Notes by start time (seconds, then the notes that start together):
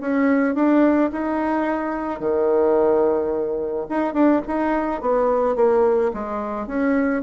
0.00 C#4
0.55 D4
1.11 D#4
2.19 D#3
3.89 D#4
4.13 D4
4.47 D#4
5.01 B3
5.55 A#3
6.13 G#3
6.67 C#4